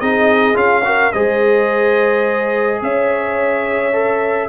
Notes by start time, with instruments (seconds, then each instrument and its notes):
0.00 tuba C4, trombone D#4, horn G#4, trumpet D#5
0.55 tuba C#4, trombone F4, trumpet F5
0.85 trombone F#4, horn A#4
1.13 tuba G#3, trombone G#4, horn C5, trumpet D#5
2.82 tuba C#4, horn C#5, trumpet E5
3.93 trombone A4